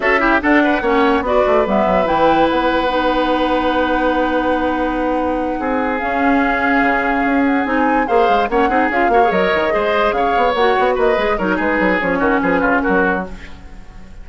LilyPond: <<
  \new Staff \with { instrumentName = "flute" } { \time 4/4 \tempo 4 = 145 e''4 fis''2 d''4 | e''4 g''4 fis''2~ | fis''1~ | fis''2~ fis''8 f''4.~ |
f''2 fis''8 gis''4 f''8~ | f''8 fis''4 f''4 dis''4.~ | dis''8 f''4 fis''4 dis''4 cis''8 | b'4 cis''4 b'4 ais'4 | }
  \new Staff \with { instrumentName = "oboe" } { \time 4/4 a'8 g'8 a'8 b'8 cis''4 b'4~ | b'1~ | b'1~ | b'4. gis'2~ gis'8~ |
gis'2.~ gis'8 c''8~ | c''8 cis''8 gis'4 cis''4. c''8~ | c''8 cis''2 b'4 ais'8 | gis'4. fis'8 gis'8 f'8 fis'4 | }
  \new Staff \with { instrumentName = "clarinet" } { \time 4/4 fis'8 e'8 d'4 cis'4 fis'4 | b4 e'2 dis'4~ | dis'1~ | dis'2~ dis'8 cis'4.~ |
cis'2~ cis'8 dis'4 gis'8~ | gis'8 cis'8 dis'8 f'8 fis'16 gis'16 ais'4 gis'8~ | gis'4. fis'4. gis'8 dis'8~ | dis'4 cis'2. | }
  \new Staff \with { instrumentName = "bassoon" } { \time 4/4 cis'4 d'4 ais4 b8 a8 | g8 fis8 e4 b2~ | b1~ | b4. c'4 cis'4.~ |
cis'8 cis4 cis'4 c'4 ais8 | gis8 ais8 c'8 cis'8 ais8 fis8 dis8 gis8~ | gis8 cis8 b8 ais8 b8 ais8 gis8 fis8 | gis8 fis8 f8 dis8 f8 cis8 fis4 | }
>>